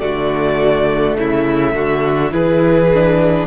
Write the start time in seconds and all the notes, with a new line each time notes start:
0.00 D3 A3 F#4 D5
1.17 C#3 E4 E5
1.75 D3 F#4
2.31 E3 E4 G#4 B4
2.94 D4